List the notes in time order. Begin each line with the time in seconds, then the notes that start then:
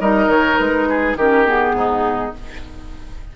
0.00 G3 D#4 A#4 D#5
0.28 D#3 C#5
0.58 G#3 B4
0.89 G#4
1.16 D#3 C#4 G4 A#4
1.46 B3 G#4
1.73 G#2 D#4